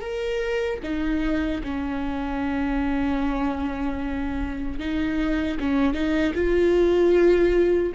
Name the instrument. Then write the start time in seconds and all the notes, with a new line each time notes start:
viola
0.00 A#4
0.83 D#4
1.63 C#4
4.78 D#4
5.59 C#4
5.94 D#4
6.34 F4